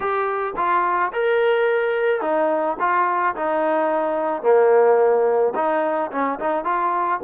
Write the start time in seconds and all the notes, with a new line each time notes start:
0.00 G4
0.56 F4
1.12 A#4
2.21 D#4
2.79 F4
3.35 D#4
4.42 A#3
5.55 D#4
6.11 C#4
6.39 D#4
6.64 F4